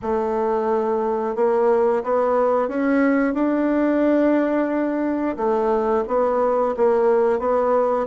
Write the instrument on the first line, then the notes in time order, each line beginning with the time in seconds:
bassoon
0.02 A3
1.35 A#3
2.03 B3
2.68 C#4
3.34 D4
5.36 A3
6.07 B3
6.77 A#3
7.39 B3